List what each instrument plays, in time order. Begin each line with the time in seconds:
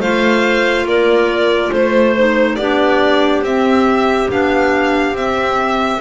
0.00 double bass A3, clarinet F4 C5, violin F5
0.85 double bass A#3, clarinet A#4, violin D5
1.71 double bass A3, clarinet C5, violin C5
2.17 clarinet D#4
2.56 double bass B3, clarinet D4 G4, violin D5
3.42 double bass C4, clarinet C4, violin E5
4.30 double bass B3, clarinet D4, violin F5
5.13 double bass C4, clarinet C4, violin E5